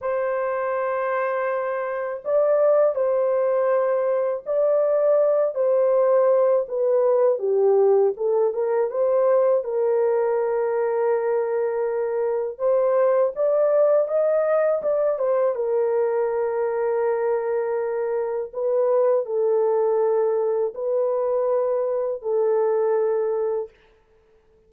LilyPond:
\new Staff \with { instrumentName = "horn" } { \time 4/4 \tempo 4 = 81 c''2. d''4 | c''2 d''4. c''8~ | c''4 b'4 g'4 a'8 ais'8 | c''4 ais'2.~ |
ais'4 c''4 d''4 dis''4 | d''8 c''8 ais'2.~ | ais'4 b'4 a'2 | b'2 a'2 | }